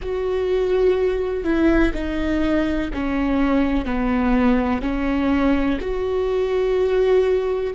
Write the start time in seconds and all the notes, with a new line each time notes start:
0.02 F#4
1.43 E4
1.93 D#4
2.93 C#4
3.85 B3
4.81 C#4
5.80 F#4